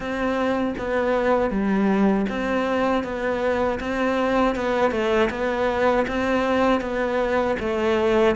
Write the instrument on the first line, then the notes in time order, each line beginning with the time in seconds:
cello
0.00 C4
0.78 B3
1.50 G3
2.29 C4
3.03 B3
3.79 C4
4.55 B3
4.91 A3
5.30 B3
6.07 C4
6.80 B3
7.59 A3